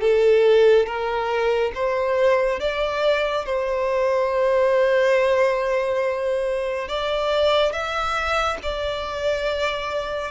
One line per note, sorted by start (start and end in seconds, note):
0.00 0.86 A4
0.86 1.71 A#4
1.74 2.59 C5
2.59 3.45 D5
3.45 6.88 C5
6.88 7.72 D5
7.72 8.58 E5
8.62 10.31 D5